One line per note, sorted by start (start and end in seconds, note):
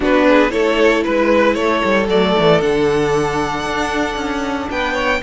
0.00 0.50 B3
0.00 0.49 D4
0.00 0.26 F#4
0.00 0.50 B4
0.28 0.52 G#4
0.49 1.05 A3
0.49 2.06 E4
0.49 1.04 A4
0.49 1.03 C#5
1.03 1.55 G#3
1.03 1.54 B4
1.03 1.56 B4
1.54 1.81 A3
1.54 4.69 A4
1.54 2.06 C#5
1.84 2.08 G3
2.08 2.34 F#3
2.08 2.61 A3
2.08 2.61 D5
2.38 2.62 E3
2.61 3.65 D3
2.61 5.22 D4
2.61 4.70 F#5
3.65 4.16 D4
4.16 4.68 C#4
4.69 5.21 B3
4.69 4.93 B4
4.69 5.22 G5
4.93 5.19 C#5